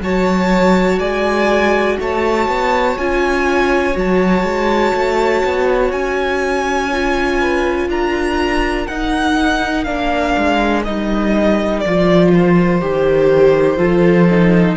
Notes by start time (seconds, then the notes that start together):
0.00 F#3 F#4 C#5 A5
0.98 G#3 D5 G#5
1.99 A3 C#5 A5
2.47 B3
2.97 C#4 F4 G#5
3.93 F#3 F#4 A5
4.43 G#3
4.93 A3
5.44 B3
5.91 C#4 G#5
6.92 F4
7.39 B4
7.88 D4 A#4 A#5
8.87 D#4 F#5
9.83 A#3 D4 F5
10.37 G#3
10.84 G3 D#4 D#5
11.79 F3 F4 D5
12.33 C5
12.81 D#3 G4
13.76 F3 F4 A4
14.30 D#4